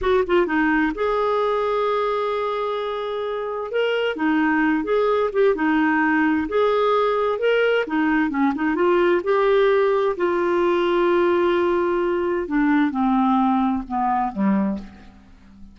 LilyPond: \new Staff \with { instrumentName = "clarinet" } { \time 4/4 \tempo 4 = 130 fis'8 f'8 dis'4 gis'2~ | gis'1 | ais'4 dis'4. gis'4 g'8 | dis'2 gis'2 |
ais'4 dis'4 cis'8 dis'8 f'4 | g'2 f'2~ | f'2. d'4 | c'2 b4 g4 | }